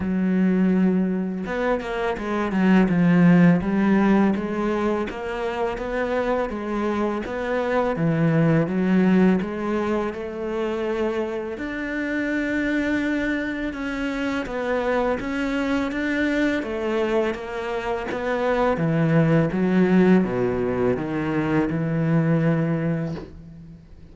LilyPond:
\new Staff \with { instrumentName = "cello" } { \time 4/4 \tempo 4 = 83 fis2 b8 ais8 gis8 fis8 | f4 g4 gis4 ais4 | b4 gis4 b4 e4 | fis4 gis4 a2 |
d'2. cis'4 | b4 cis'4 d'4 a4 | ais4 b4 e4 fis4 | b,4 dis4 e2 | }